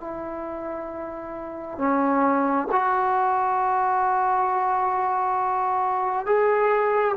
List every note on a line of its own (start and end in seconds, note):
0.00 1.78 E4
1.78 2.67 C#4
2.72 6.26 F#4
6.26 7.16 G#4